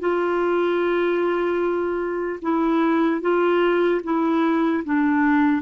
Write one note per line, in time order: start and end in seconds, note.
0.00 2.40 F4
2.42 3.21 E4
3.21 4.01 F4
4.04 4.84 E4
4.84 5.62 D4